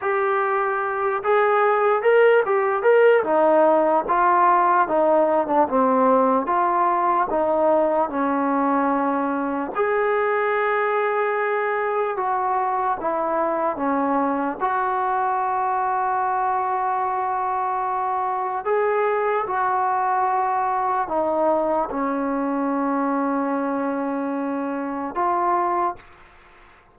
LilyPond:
\new Staff \with { instrumentName = "trombone" } { \time 4/4 \tempo 4 = 74 g'4. gis'4 ais'8 g'8 ais'8 | dis'4 f'4 dis'8. d'16 c'4 | f'4 dis'4 cis'2 | gis'2. fis'4 |
e'4 cis'4 fis'2~ | fis'2. gis'4 | fis'2 dis'4 cis'4~ | cis'2. f'4 | }